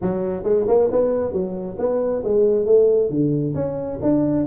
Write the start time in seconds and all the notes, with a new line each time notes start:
0.01 F#3
0.43 G#3
0.67 A#3
0.91 B3
1.32 F#3
1.78 B3
2.24 G#3
2.65 A3
3.09 D3
3.54 C#4
4.02 D4